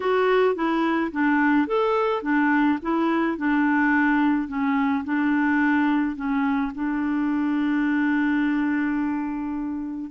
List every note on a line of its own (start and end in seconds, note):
0.00 0.55 F#4
0.55 1.11 E4
1.11 1.67 D4
1.67 2.22 A4
2.22 2.78 D4
2.82 3.37 E4
3.37 4.48 D4
4.48 5.04 C#4
5.04 6.16 D4
6.16 6.72 C#4
6.74 10.10 D4